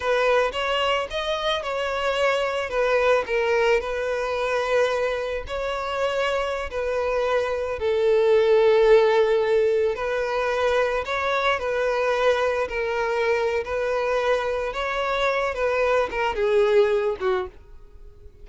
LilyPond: \new Staff \with { instrumentName = "violin" } { \time 4/4 \tempo 4 = 110 b'4 cis''4 dis''4 cis''4~ | cis''4 b'4 ais'4 b'4~ | b'2 cis''2~ | cis''16 b'2 a'4.~ a'16~ |
a'2~ a'16 b'4.~ b'16~ | b'16 cis''4 b'2 ais'8.~ | ais'4 b'2 cis''4~ | cis''8 b'4 ais'8 gis'4. fis'8 | }